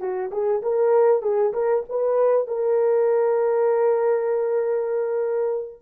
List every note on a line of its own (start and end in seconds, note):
0.00 0.31 F#4
0.31 0.62 G#4
0.63 1.22 A#4
1.22 1.53 G#4
1.53 1.84 A#4
1.89 2.48 B4
2.48 5.82 A#4